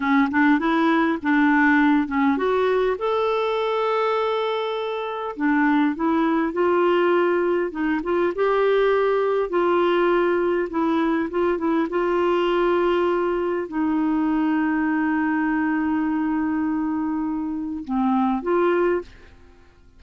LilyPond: \new Staff \with { instrumentName = "clarinet" } { \time 4/4 \tempo 4 = 101 cis'8 d'8 e'4 d'4. cis'8 | fis'4 a'2.~ | a'4 d'4 e'4 f'4~ | f'4 dis'8 f'8 g'2 |
f'2 e'4 f'8 e'8 | f'2. dis'4~ | dis'1~ | dis'2 c'4 f'4 | }